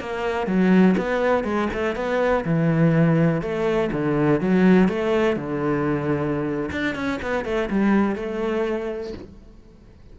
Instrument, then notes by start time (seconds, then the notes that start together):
cello
0.00 A#3
0.47 F#3
0.97 B3
1.44 G#3
1.73 A3
1.96 B3
2.45 E3
3.42 A3
3.92 D3
4.41 F#3
4.88 A3
5.36 D3
6.71 D4
6.95 C#4
7.22 B3
7.45 A3
7.70 G3
8.16 A3